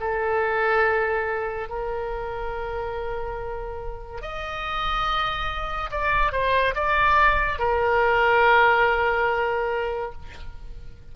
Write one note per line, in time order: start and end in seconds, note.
0.00 1.69 A4
1.69 4.21 A#4
4.21 5.90 D#5
5.90 6.32 D5
6.32 6.75 C5
6.75 7.59 D5
7.59 10.13 A#4